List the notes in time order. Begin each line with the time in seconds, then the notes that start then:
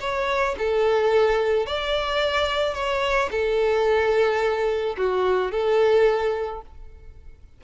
0.00 C#5
0.58 A4
1.66 D5
2.74 C#5
3.31 A4
4.97 F#4
5.51 A4